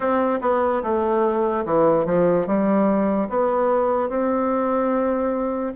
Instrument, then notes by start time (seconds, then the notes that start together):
bassoon
0.00 C4
0.41 B3
0.82 A3
1.65 E3
2.05 F3
2.47 G3
3.29 B3
4.09 C4